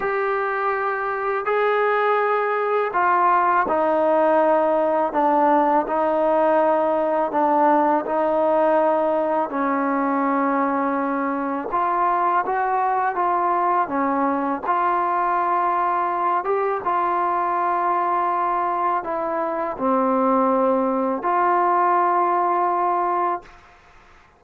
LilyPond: \new Staff \with { instrumentName = "trombone" } { \time 4/4 \tempo 4 = 82 g'2 gis'2 | f'4 dis'2 d'4 | dis'2 d'4 dis'4~ | dis'4 cis'2. |
f'4 fis'4 f'4 cis'4 | f'2~ f'8 g'8 f'4~ | f'2 e'4 c'4~ | c'4 f'2. | }